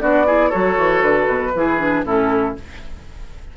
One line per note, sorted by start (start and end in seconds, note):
0.00 0.52 B3
0.00 0.25 D4
0.00 0.26 F#4
0.00 0.51 D5
0.26 0.51 E4
0.26 0.49 G#4
0.49 0.77 F#3
0.49 1.53 F#4
0.49 1.51 A4
0.49 1.01 C#5
0.77 1.02 E3
1.02 1.27 D3
1.02 2.03 B4
1.27 1.53 B2
1.54 2.04 E3
1.54 1.79 E4
1.54 2.05 G#4
1.79 2.04 D4
2.04 2.55 A2
2.04 2.55 C#4
2.04 2.56 E4
2.04 2.56 A4